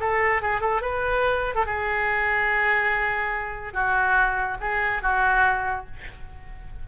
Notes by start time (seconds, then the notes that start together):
0.00 A4
0.42 G#4
0.61 A4
0.82 B4
1.55 A4
1.66 G#4
3.73 F#4
4.61 G#4
5.02 F#4